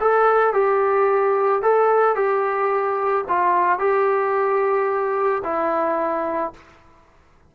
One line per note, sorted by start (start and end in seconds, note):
0.00 0.53 A4
0.53 1.62 G4
1.62 2.15 A4
2.15 3.24 G4
3.29 3.79 F4
3.79 5.42 G4
5.44 6.53 E4